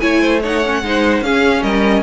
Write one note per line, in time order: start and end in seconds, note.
0.00 0.82 A3
0.00 0.40 E4
0.00 0.21 C#5
0.00 0.40 G#5
0.21 0.41 C5
0.42 0.64 D#4
0.42 0.82 C#5
0.42 1.22 F#5
0.65 0.84 C#4
0.82 1.21 G#3
0.82 1.24 D#4
0.82 1.24 C5
1.21 1.61 C#4
1.21 2.02 C#4
1.21 1.62 G#4
1.21 1.62 F5
1.62 2.02 G3
1.62 2.02 A#4
1.62 2.02 D#5